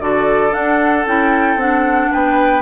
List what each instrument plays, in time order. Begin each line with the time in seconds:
0.00 bassoon D3, clarinet F#4, oboe A4, flute D5
0.51 clarinet D4, bassoon D4, flute F#5
1.06 bassoon C#4, clarinet E4, flute G5
1.56 bassoon C4, clarinet D4, flute F#5
2.11 bassoon B3, oboe B4, flute G5